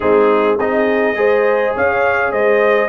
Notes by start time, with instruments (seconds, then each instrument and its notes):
0.00 tuba G#3, trombone C4, horn D#4, trumpet G#4
0.58 tuba C4, trombone D#4, horn G#4, trumpet D#5
1.15 tuba G#3, trombone G#4, horn C5
1.75 tuba C#4, horn C#5, trumpet F5
2.31 tuba G#3, horn C5, trumpet D#5